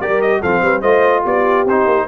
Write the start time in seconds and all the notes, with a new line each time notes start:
0.00 G3 G4 A#4 D5
0.21 D#5
0.41 F3 C4 A4 F5
0.62 G3 B4
0.81 A3 F4 C5 D#5
1.23 B3 G4 D5
1.65 C4 D#4 C5
1.86 A#3